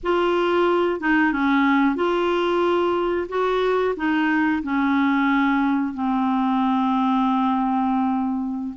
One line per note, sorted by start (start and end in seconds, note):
0.03 1.00 F4
1.00 1.32 D#4
1.32 1.95 C#4
1.95 3.27 F4
3.28 3.94 F#4
3.96 4.62 D#4
4.62 5.93 C#4
5.93 8.74 C4